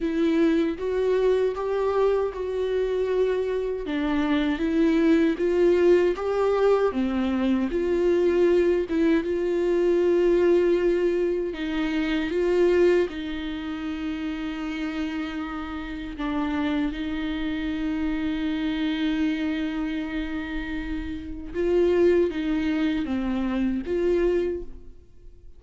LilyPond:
\new Staff \with { instrumentName = "viola" } { \time 4/4 \tempo 4 = 78 e'4 fis'4 g'4 fis'4~ | fis'4 d'4 e'4 f'4 | g'4 c'4 f'4. e'8 | f'2. dis'4 |
f'4 dis'2.~ | dis'4 d'4 dis'2~ | dis'1 | f'4 dis'4 c'4 f'4 | }